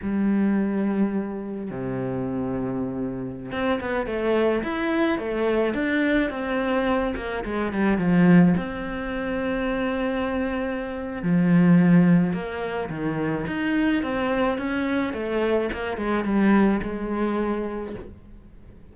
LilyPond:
\new Staff \with { instrumentName = "cello" } { \time 4/4 \tempo 4 = 107 g2. c4~ | c2~ c16 c'8 b8 a8.~ | a16 e'4 a4 d'4 c'8.~ | c'8. ais8 gis8 g8 f4 c'8.~ |
c'1 | f2 ais4 dis4 | dis'4 c'4 cis'4 a4 | ais8 gis8 g4 gis2 | }